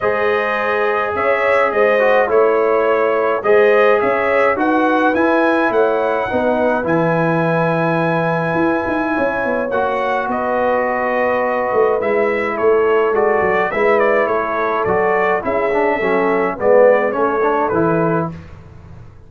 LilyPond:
<<
  \new Staff \with { instrumentName = "trumpet" } { \time 4/4 \tempo 4 = 105 dis''2 e''4 dis''4 | cis''2 dis''4 e''4 | fis''4 gis''4 fis''2 | gis''1~ |
gis''4 fis''4 dis''2~ | dis''4 e''4 cis''4 d''4 | e''8 d''8 cis''4 d''4 e''4~ | e''4 d''4 cis''4 b'4 | }
  \new Staff \with { instrumentName = "horn" } { \time 4/4 c''2 cis''4 c''4 | cis''2 c''4 cis''4 | b'2 cis''4 b'4~ | b'1 |
cis''2 b'2~ | b'2 a'2 | b'4 a'2 gis'4 | a'4 b'4 a'2 | }
  \new Staff \with { instrumentName = "trombone" } { \time 4/4 gis'2.~ gis'8 fis'8 | e'2 gis'2 | fis'4 e'2 dis'4 | e'1~ |
e'4 fis'2.~ | fis'4 e'2 fis'4 | e'2 fis'4 e'8 d'8 | cis'4 b4 cis'8 d'8 e'4 | }
  \new Staff \with { instrumentName = "tuba" } { \time 4/4 gis2 cis'4 gis4 | a2 gis4 cis'4 | dis'4 e'4 a4 b4 | e2. e'8 dis'8 |
cis'8 b8 ais4 b2~ | b8 a8 gis4 a4 gis8 fis8 | gis4 a4 fis4 cis'4 | fis4 gis4 a4 e4 | }
>>